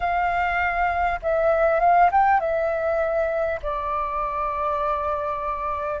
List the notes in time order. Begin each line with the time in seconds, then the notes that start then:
0.00 F5
1.22 E5
1.79 F5
2.11 G5
2.40 E5
3.62 D5